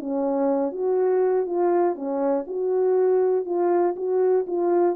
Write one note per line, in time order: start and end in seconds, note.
0.00 0.72 C#4
0.72 1.47 F#4
1.47 1.96 F4
1.96 2.45 C#4
2.47 3.46 F#4
3.46 3.95 F4
3.97 4.46 F#4
4.47 4.96 F4